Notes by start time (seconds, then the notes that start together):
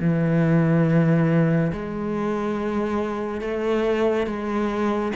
0.00 E3
1.73 G#3
3.41 A3
4.26 G#3